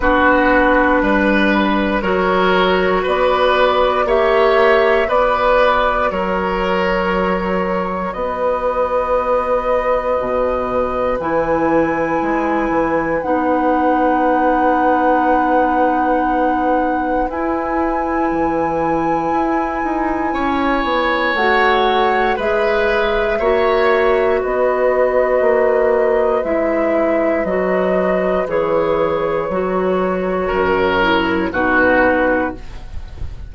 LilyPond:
<<
  \new Staff \with { instrumentName = "flute" } { \time 4/4 \tempo 4 = 59 b'2 cis''4 d''4 | e''4 d''4 cis''2 | dis''2. gis''4~ | gis''4 fis''2.~ |
fis''4 gis''2.~ | gis''4 fis''4 e''2 | dis''2 e''4 dis''4 | cis''2. b'4 | }
  \new Staff \with { instrumentName = "oboe" } { \time 4/4 fis'4 b'4 ais'4 b'4 | cis''4 b'4 ais'2 | b'1~ | b'1~ |
b'1 | cis''2 b'4 cis''4 | b'1~ | b'2 ais'4 fis'4 | }
  \new Staff \with { instrumentName = "clarinet" } { \time 4/4 d'2 fis'2 | g'4 fis'2.~ | fis'2. e'4~ | e'4 dis'2.~ |
dis'4 e'2.~ | e'4 fis'4 gis'4 fis'4~ | fis'2 e'4 fis'4 | gis'4 fis'4. e'8 dis'4 | }
  \new Staff \with { instrumentName = "bassoon" } { \time 4/4 b4 g4 fis4 b4 | ais4 b4 fis2 | b2 b,4 e4 | gis8 e8 b2.~ |
b4 e'4 e4 e'8 dis'8 | cis'8 b8 a4 gis4 ais4 | b4 ais4 gis4 fis4 | e4 fis4 fis,4 b,4 | }
>>